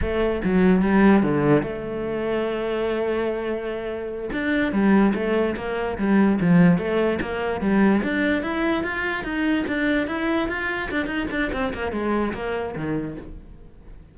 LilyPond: \new Staff \with { instrumentName = "cello" } { \time 4/4 \tempo 4 = 146 a4 fis4 g4 d4 | a1~ | a2~ a8 d'4 g8~ | g8 a4 ais4 g4 f8~ |
f8 a4 ais4 g4 d'8~ | d'8 e'4 f'4 dis'4 d'8~ | d'8 e'4 f'4 d'8 dis'8 d'8 | c'8 ais8 gis4 ais4 dis4 | }